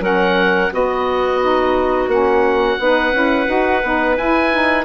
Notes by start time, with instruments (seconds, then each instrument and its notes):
0.00 bassoon F#3, saxophone C#4, clarinet A#4, oboe F#5
0.70 saxophone B3, bassoon B3, clarinet F#4, oboe D#5
1.41 saxophone D#4
2.08 bassoon A#3, saxophone C#4, oboe F#5
2.79 bassoon B3, saxophone D#4, clarinet B4
3.12 bassoon C#4, saxophone E4
3.46 bassoon D#4, saxophone F#4
3.83 bassoon B3, saxophone D#4
4.17 bassoon E4, saxophone E4, oboe G#5
4.52 saxophone D#4